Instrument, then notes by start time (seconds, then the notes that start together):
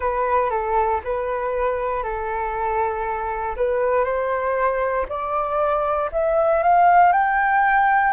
flute
0.00 B4
0.49 A4
1.04 B4
2.03 A4
3.56 B4
4.04 C5
5.08 D5
6.12 E5
6.62 F5
7.12 G5